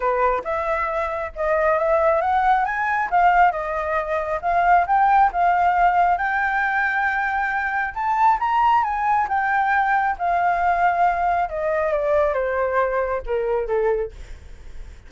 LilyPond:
\new Staff \with { instrumentName = "flute" } { \time 4/4 \tempo 4 = 136 b'4 e''2 dis''4 | e''4 fis''4 gis''4 f''4 | dis''2 f''4 g''4 | f''2 g''2~ |
g''2 a''4 ais''4 | gis''4 g''2 f''4~ | f''2 dis''4 d''4 | c''2 ais'4 a'4 | }